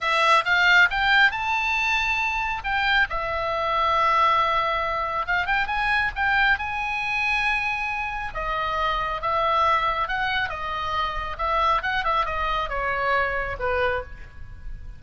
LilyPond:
\new Staff \with { instrumentName = "oboe" } { \time 4/4 \tempo 4 = 137 e''4 f''4 g''4 a''4~ | a''2 g''4 e''4~ | e''1 | f''8 g''8 gis''4 g''4 gis''4~ |
gis''2. dis''4~ | dis''4 e''2 fis''4 | dis''2 e''4 fis''8 e''8 | dis''4 cis''2 b'4 | }